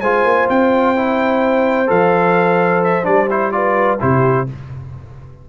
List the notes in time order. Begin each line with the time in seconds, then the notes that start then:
0.00 G#3 F4 C5 G#5
0.24 A#3
0.49 C4 G5
0.95 E4
1.86 F3 A4 F5
2.83 E5
3.03 G3 D4 D5
3.29 E4 C5
3.51 F4 B4 D5
3.99 C3 E4 G4 C5